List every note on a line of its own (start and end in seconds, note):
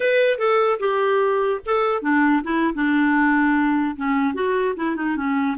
0.00 0.38 B4
0.38 0.79 A4
0.79 1.60 G4
1.65 2.01 A4
2.01 2.42 D4
2.43 2.74 E4
2.74 3.96 D4
3.96 4.34 C#4
4.34 4.75 F#4
4.76 4.96 E4
4.96 5.16 D#4
5.16 5.57 C#4